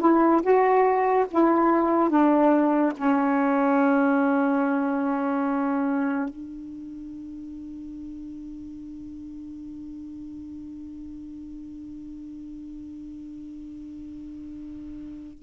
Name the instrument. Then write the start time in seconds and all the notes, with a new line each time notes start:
saxophone
0.00 E4
0.42 F#4
1.31 E4
2.09 D4
2.97 C#4
6.29 D4